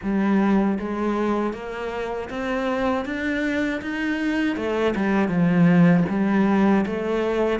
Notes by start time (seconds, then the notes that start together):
0.02 G3
0.79 G#3
1.53 A#3
2.29 C4
3.05 D4
3.81 D#4
4.56 A3
4.95 G3
5.28 F3
6.09 G3
6.86 A3